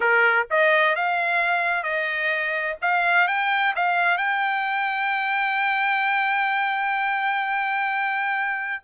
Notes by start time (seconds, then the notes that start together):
0.00 A#4
0.50 D#5
0.95 F5
1.83 D#5
2.81 F5
3.27 G5
3.75 F5
4.17 G5